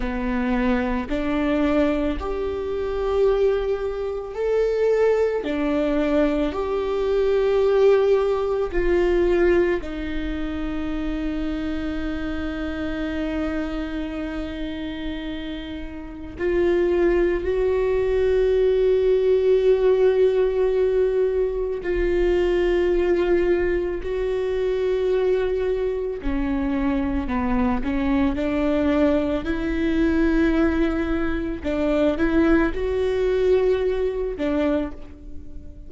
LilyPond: \new Staff \with { instrumentName = "viola" } { \time 4/4 \tempo 4 = 55 b4 d'4 g'2 | a'4 d'4 g'2 | f'4 dis'2.~ | dis'2. f'4 |
fis'1 | f'2 fis'2 | cis'4 b8 cis'8 d'4 e'4~ | e'4 d'8 e'8 fis'4. d'8 | }